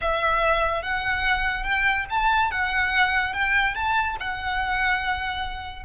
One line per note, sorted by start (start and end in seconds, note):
0.01 0.82 E5
0.82 1.63 F#5
1.63 2.05 G5
2.09 2.51 A5
2.51 3.33 F#5
3.33 3.74 G5
3.74 4.16 A5
4.20 5.85 F#5